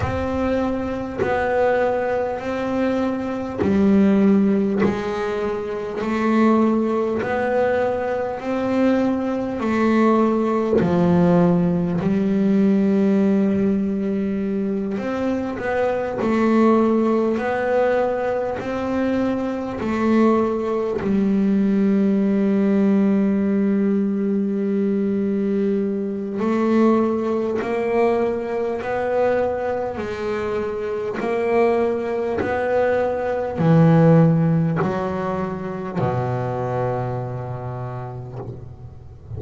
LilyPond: \new Staff \with { instrumentName = "double bass" } { \time 4/4 \tempo 4 = 50 c'4 b4 c'4 g4 | gis4 a4 b4 c'4 | a4 f4 g2~ | g8 c'8 b8 a4 b4 c'8~ |
c'8 a4 g2~ g8~ | g2 a4 ais4 | b4 gis4 ais4 b4 | e4 fis4 b,2 | }